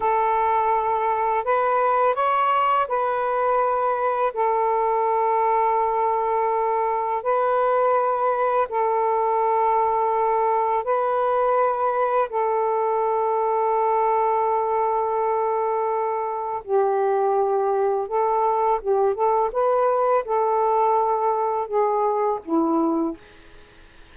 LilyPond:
\new Staff \with { instrumentName = "saxophone" } { \time 4/4 \tempo 4 = 83 a'2 b'4 cis''4 | b'2 a'2~ | a'2 b'2 | a'2. b'4~ |
b'4 a'2.~ | a'2. g'4~ | g'4 a'4 g'8 a'8 b'4 | a'2 gis'4 e'4 | }